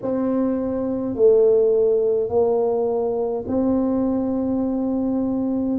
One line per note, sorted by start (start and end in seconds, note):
0.02 1.15 C4
1.15 2.29 A3
2.29 3.44 A#3
3.47 5.78 C4